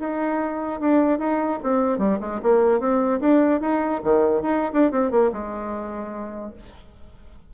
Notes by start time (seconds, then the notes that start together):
0.00 D#4
0.81 D4
1.19 D#4
1.63 C4
1.99 G3
2.20 G#3
2.43 A#3
2.80 C4
3.20 D4
3.61 D#4
4.04 D#3
4.42 D#4
4.73 D4
4.92 C4
5.11 A#3
5.33 G#3